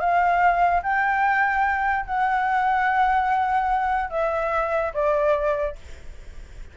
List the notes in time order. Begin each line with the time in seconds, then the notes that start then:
0.00 F5
0.83 G5
2.06 F#5
4.10 E5
4.94 D5